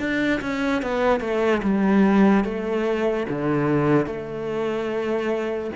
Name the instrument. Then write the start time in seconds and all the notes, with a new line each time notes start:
cello
0.00 D4
0.41 C#4
0.83 B3
1.20 A3
1.63 G3
2.45 A3
3.30 D3
4.06 A3